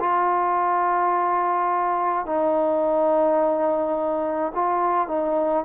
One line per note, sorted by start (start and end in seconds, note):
0.00 2.26 F4
2.26 4.52 D#4
4.55 5.08 F4
5.08 5.65 D#4